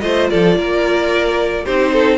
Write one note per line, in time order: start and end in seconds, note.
0.00 0.29 A3
0.00 1.65 F4
0.00 0.30 C5
0.00 0.27 D#5
0.30 0.56 F3
0.30 0.57 A4
0.30 1.65 D5
0.56 1.65 A#3
0.56 1.64 A#4
1.64 2.17 C4
1.64 2.17 D#4
1.64 1.92 G4
1.64 2.17 C5
1.92 2.17 A4